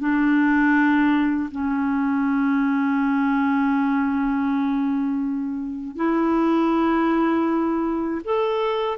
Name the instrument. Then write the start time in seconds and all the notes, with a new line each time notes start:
clarinet
0.00 D4
1.51 C#4
5.96 E4
8.25 A4